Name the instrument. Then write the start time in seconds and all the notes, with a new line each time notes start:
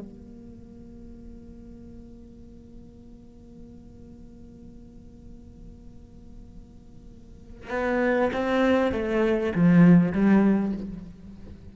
cello
0.00 A#3
7.71 B3
8.33 C4
8.93 A3
9.56 F3
10.13 G3